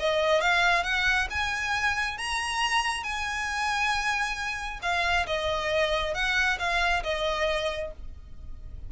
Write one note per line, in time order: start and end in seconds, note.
0.00 0.42 D#5
0.42 0.84 F5
0.84 1.28 F#5
1.31 2.18 G#5
2.18 3.04 A#5
3.04 4.80 G#5
4.83 5.27 F5
5.27 6.15 D#5
6.15 6.59 F#5
6.59 7.03 F5
7.04 7.92 D#5